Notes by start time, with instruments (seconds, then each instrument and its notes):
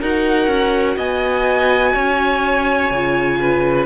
0.00 cello D#4, viola F#4, violin A#4 F#5
0.48 cello C#4
0.97 cello B3, violin D#5 G#5
1.93 cello C#4, violin C#5
2.91 cello C#3, viola F4
3.40 violin B4